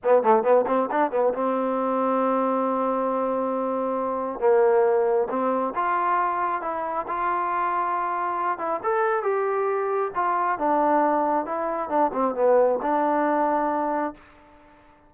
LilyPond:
\new Staff \with { instrumentName = "trombone" } { \time 4/4 \tempo 4 = 136 b8 a8 b8 c'8 d'8 b8 c'4~ | c'1~ | c'2 ais2 | c'4 f'2 e'4 |
f'2.~ f'8 e'8 | a'4 g'2 f'4 | d'2 e'4 d'8 c'8 | b4 d'2. | }